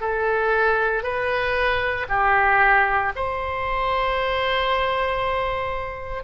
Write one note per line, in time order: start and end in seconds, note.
0.00 1.03 A4
1.03 2.06 B4
2.09 3.12 G4
3.16 6.24 C5